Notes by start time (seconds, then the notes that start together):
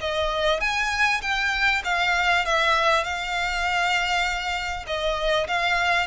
0.00 D#5
0.60 G#5
1.21 G5
1.84 F5
2.45 E5
3.04 F5
4.87 D#5
5.47 F5